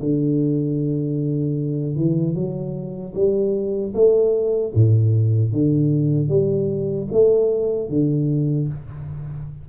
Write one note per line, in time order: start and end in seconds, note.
0.00 1.96 D3
1.96 2.35 E3
2.35 3.14 F#3
3.14 3.93 G3
3.94 4.73 A3
4.75 5.52 A2
5.52 6.29 D3
6.29 7.08 G3
7.12 7.89 A3
7.89 8.68 D3